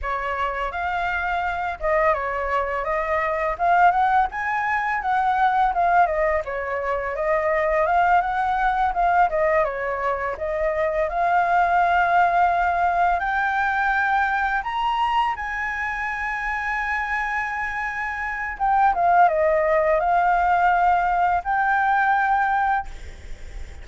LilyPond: \new Staff \with { instrumentName = "flute" } { \time 4/4 \tempo 4 = 84 cis''4 f''4. dis''8 cis''4 | dis''4 f''8 fis''8 gis''4 fis''4 | f''8 dis''8 cis''4 dis''4 f''8 fis''8~ | fis''8 f''8 dis''8 cis''4 dis''4 f''8~ |
f''2~ f''8 g''4.~ | g''8 ais''4 gis''2~ gis''8~ | gis''2 g''8 f''8 dis''4 | f''2 g''2 | }